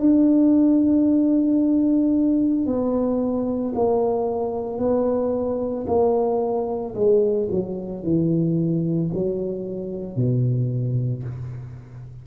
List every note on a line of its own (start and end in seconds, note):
0.00 2.66 D4
2.66 3.74 B3
3.75 4.79 A#3
4.79 5.86 B3
5.88 6.95 A#3
6.95 7.49 G#3
7.51 8.04 F#3
8.04 9.11 E3
9.14 10.16 F#3
10.16 11.24 B2